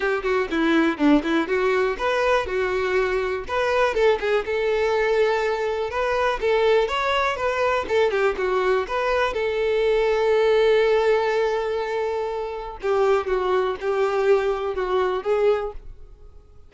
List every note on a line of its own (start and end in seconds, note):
0.00 0.23 G4
0.23 0.48 F#4
0.51 0.97 E4
0.97 1.22 D4
1.23 1.47 E4
1.47 1.96 F#4
1.98 2.46 B4
2.46 3.44 F#4
3.48 3.94 B4
3.94 4.18 A4
4.20 4.44 G#4
4.45 5.90 A4
5.90 6.39 B4
6.40 6.88 A4
6.88 7.36 C#5
7.36 7.85 B4
7.88 8.10 A4
8.10 8.35 G4
8.37 8.87 F#4
8.87 9.33 B4
9.33 12.77 A4
12.81 13.27 G4
13.27 13.76 F#4
13.80 14.75 G4
14.75 15.23 F#4
15.23 15.72 G#4